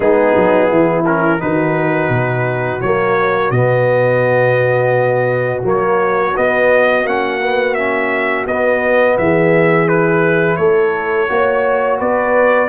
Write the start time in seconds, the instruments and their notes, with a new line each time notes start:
0.00 tuba G#3, trombone B3, horn D#4, trumpet G#4
0.36 tuba F#3
0.69 tuba E3, horn E4
1.06 trombone C#4, trumpet A#4
1.39 tuba D#3, trombone D#4, horn F#4, trumpet B4
2.09 tuba B2
2.81 tuba F#3, trombone A#3, trumpet C#5
3.50 tuba B2, trombone B3, trumpet D#5
5.63 tuba F#3, trombone A#3, trumpet C#5
6.35 trombone B3, tuba B3, trumpet D#5
7.04 tuba A#3, trombone C#4, trumpet F#5
7.41 trombone B3
7.74 trombone C#4, trumpet E5
8.46 tuba B3, trombone B3, trumpet D#5
9.17 tuba E3, horn G#4, trumpet E5
9.88 trombone E4, trumpet B4
10.56 tuba A3, horn A4, trumpet C#5
11.28 tuba A#3, trombone F#4, horn C#5
11.99 tuba B3, horn B4, trumpet D5